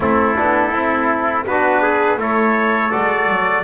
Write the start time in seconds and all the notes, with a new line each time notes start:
0.00 A3 C4 E4 A4
0.36 B3 D4
0.71 C4 E4
1.46 B3 D4 F#4 B4
1.81 G#4
2.17 A3 E4 A4 C#5
2.91 G#3 F#4 D5
3.29 F#3